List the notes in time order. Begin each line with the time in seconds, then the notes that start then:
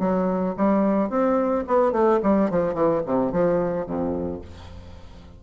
0.00 F#3
0.57 G3
1.10 C4
1.68 B3
1.92 A3
2.23 G3
2.51 F3
2.74 E3
3.06 C3
3.32 F3
3.87 F2